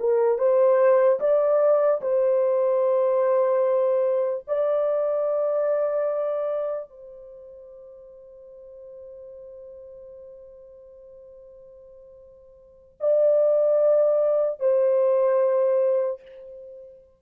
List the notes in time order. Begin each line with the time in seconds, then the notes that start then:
0.00 A#4
0.39 C5
1.20 D5
2.02 C5
4.48 D5
6.90 C5
13.01 D5
14.60 C5